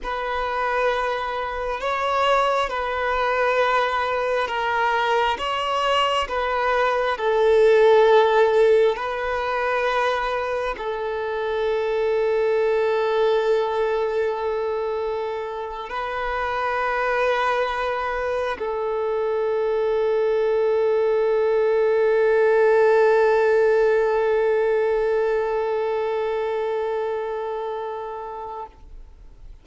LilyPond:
\new Staff \with { instrumentName = "violin" } { \time 4/4 \tempo 4 = 67 b'2 cis''4 b'4~ | b'4 ais'4 cis''4 b'4 | a'2 b'2 | a'1~ |
a'4.~ a'16 b'2~ b'16~ | b'8. a'2.~ a'16~ | a'1~ | a'1 | }